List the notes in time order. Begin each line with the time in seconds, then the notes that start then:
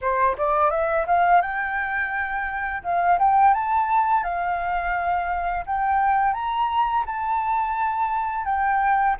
0.01 C5
0.37 D5
0.70 E5
1.07 F5
1.41 G5
2.83 F5
3.18 G5
3.54 A5
4.24 F5
5.66 G5
6.33 A#5
7.06 A5
8.45 G5